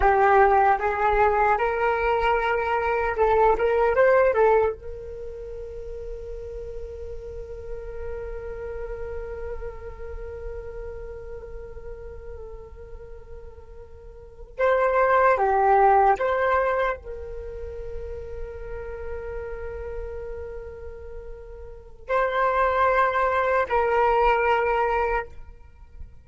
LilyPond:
\new Staff \with { instrumentName = "flute" } { \time 4/4 \tempo 4 = 76 g'4 gis'4 ais'2 | a'8 ais'8 c''8 a'8 ais'2~ | ais'1~ | ais'1~ |
ais'2~ ais'8 c''4 g'8~ | g'8 c''4 ais'2~ ais'8~ | ais'1 | c''2 ais'2 | }